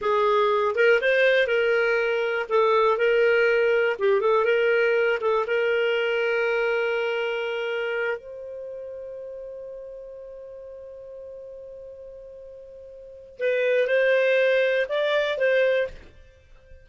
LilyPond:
\new Staff \with { instrumentName = "clarinet" } { \time 4/4 \tempo 4 = 121 gis'4. ais'8 c''4 ais'4~ | ais'4 a'4 ais'2 | g'8 a'8 ais'4. a'8 ais'4~ | ais'1~ |
ais'8 c''2.~ c''8~ | c''1~ | c''2. b'4 | c''2 d''4 c''4 | }